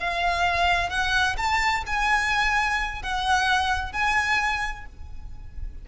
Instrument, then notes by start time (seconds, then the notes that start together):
violin
0.00 F5
0.90 F#5
1.37 A5
1.87 G#5
3.03 F#5
3.93 G#5